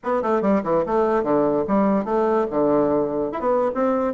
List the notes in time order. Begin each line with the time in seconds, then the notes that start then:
0.03 B3
0.22 A3
0.41 G3
0.63 E3
0.86 A3
1.23 D3
1.67 G3
2.04 A3
2.50 D3
3.32 E4
3.40 B3
3.74 C4